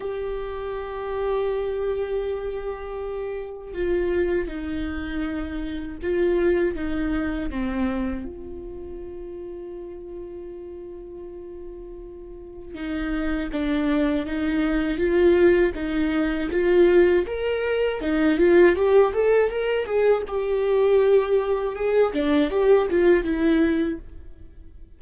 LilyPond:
\new Staff \with { instrumentName = "viola" } { \time 4/4 \tempo 4 = 80 g'1~ | g'4 f'4 dis'2 | f'4 dis'4 c'4 f'4~ | f'1~ |
f'4 dis'4 d'4 dis'4 | f'4 dis'4 f'4 ais'4 | dis'8 f'8 g'8 a'8 ais'8 gis'8 g'4~ | g'4 gis'8 d'8 g'8 f'8 e'4 | }